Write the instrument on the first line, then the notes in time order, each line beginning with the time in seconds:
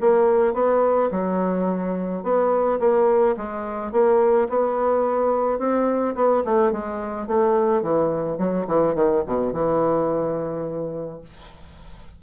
bassoon
0.00 A#3
0.54 B3
1.11 F#3
2.23 B3
2.79 A#3
3.36 G#3
3.92 A#3
4.49 B3
5.58 C4
6.15 B3
6.45 A3
6.72 G#3
7.27 A3
7.82 E3
8.38 F#3
8.67 E3
8.95 D#3
9.26 B2
9.52 E3